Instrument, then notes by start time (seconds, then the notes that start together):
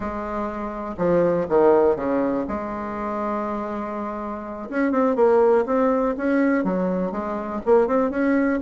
bassoon
0.00 G#3
0.97 F3
1.49 D#3
1.96 C#3
2.47 G#3
4.69 C#4
4.91 C4
5.15 A#3
5.66 C4
6.17 C#4
6.64 F#3
7.11 G#3
7.65 A#3
7.87 C4
8.10 C#4